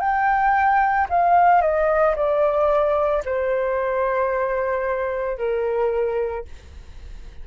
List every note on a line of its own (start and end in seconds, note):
0.00 1.07 G5
1.10 1.61 F5
1.61 2.15 D#5
2.16 3.23 D5
3.25 5.38 C5
5.38 6.45 A#4